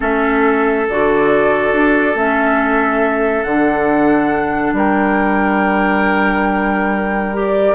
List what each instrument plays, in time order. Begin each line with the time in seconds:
0.00 bassoon A3, clarinet C#4, oboe A4, flute E5
0.88 bassoon D3, clarinet F#4, flute D5
1.73 bassoon D4
2.14 bassoon A3, clarinet C#4, flute E5
3.43 bassoon D3, clarinet D4, flute F#5
4.72 bassoon G3, oboe A#4, flute G5
7.33 clarinet G4, flute D5